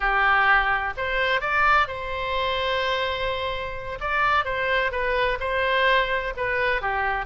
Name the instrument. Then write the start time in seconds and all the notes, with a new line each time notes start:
oboe
0.00 G4
0.97 C5
1.40 D5
1.87 C5
4.00 D5
4.44 C5
4.91 B4
5.39 C5
6.36 B4
6.81 G4